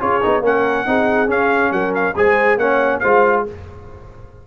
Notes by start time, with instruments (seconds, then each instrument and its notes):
0.00 tuba C#4, trombone F4, horn G#4, trumpet C#5
0.22 tuba B3, trombone D#4
0.41 tuba A#3, trombone C#4, horn A#4, trumpet F#5
0.86 tuba C4, trombone D#4, horn G#4
1.28 trombone C#4, tuba C#4, trumpet F5
1.71 tuba F#3, horn A#4, trumpet F#5
1.95 trumpet F5
2.16 tuba G#3, trombone G#4, horn C5, trumpet G#5
2.57 tuba A#3, trombone C#4, horn C#5, trumpet F#5
3.00 tuba G#3, trombone F4, horn C5, trumpet F5